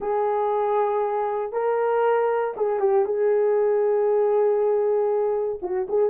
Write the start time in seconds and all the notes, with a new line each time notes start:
0.00 G#4
1.52 A#4
2.57 G#4
2.79 G4
3.05 G#4
5.62 F#4
5.88 G#4